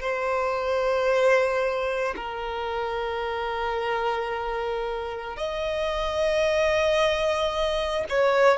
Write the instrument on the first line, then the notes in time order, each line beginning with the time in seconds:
violin
0.00 C5
2.16 A#4
5.36 D#5
8.09 C#5